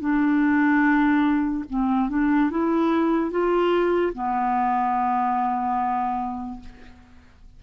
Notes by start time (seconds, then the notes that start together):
0.00 D4
1.70 C4
2.09 D4
2.50 E4
3.31 F4
4.14 B3